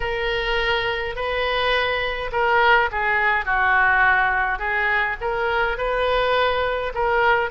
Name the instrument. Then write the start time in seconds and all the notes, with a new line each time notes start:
oboe
0.00 A#4
1.15 B4
2.32 A#4
2.91 G#4
3.45 F#4
4.58 G#4
5.21 A#4
5.77 B4
6.94 A#4